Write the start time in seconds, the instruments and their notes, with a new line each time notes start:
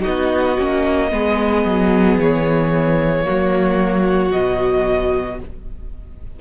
0.00 viola D#4, violin F#4 D#5
0.06 cello B3
0.58 cello A#3, viola C#4
1.10 cello G#3, viola B3, violin G#4
1.65 cello F#3
2.18 cello E3, violin C#5
3.24 cello F#3, viola A#3, violin F#4
4.32 cello B2, viola F#3, violin D#5